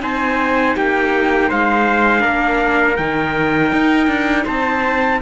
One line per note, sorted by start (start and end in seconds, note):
0.00 0.77 C4
0.00 2.20 D#4
0.00 0.77 C5
0.00 0.77 G#5
0.77 1.51 A#3
0.77 1.49 G4
0.77 1.51 G5
1.49 2.25 G#3
1.49 2.22 C5
1.49 2.97 F5
2.20 2.99 A#3
2.20 2.94 D4
2.20 4.44 A#4
2.97 3.73 D#3
2.97 5.22 D#4
2.97 4.45 G5
3.73 4.08 D#4
4.08 4.45 D4
4.45 5.22 C4
4.45 5.19 C5
4.45 5.22 A5